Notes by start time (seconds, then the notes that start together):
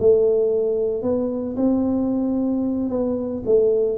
0.00 A3
1.03 B3
1.57 C4
2.90 B3
3.46 A3